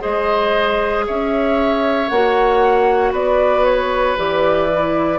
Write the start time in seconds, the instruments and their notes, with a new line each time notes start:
0.00 bassoon G#3, clarinet G#4, oboe C5, flute D#5
1.07 bassoon C#4, oboe C#5, flute E5
2.09 bassoon A#3, clarinet F#4, flute F#5
3.12 bassoon B3, oboe B4, flute D5
3.65 flute C#5
4.18 bassoon E3, clarinet G4, flute D5
4.72 clarinet E4